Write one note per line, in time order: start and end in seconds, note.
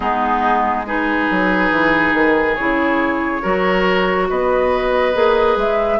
0.00 1.29 G#3
0.00 0.85 B3
0.00 0.86 D#4
0.00 0.86 G#4
0.86 2.57 D#4
0.86 3.41 G#4
0.86 2.55 B4
1.30 1.71 F#3
1.71 2.13 E3
2.13 2.56 D#3
2.55 3.44 C#3
2.55 3.42 E4
2.55 4.27 C#5
3.41 4.29 F#3
3.41 5.13 F#4
3.41 4.27 A#4
4.29 5.15 B3
4.29 5.99 B4
4.29 5.58 D#5
5.13 5.56 A#3
5.13 5.99 G#4
5.56 5.99 G#3
5.56 5.99 E5